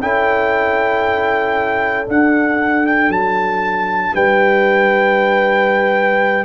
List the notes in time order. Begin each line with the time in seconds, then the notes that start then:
0.00 C#4 E4 A4 G5
2.05 D4 F#5
2.86 G5
3.08 F#3 A5
4.13 G3 B4 G5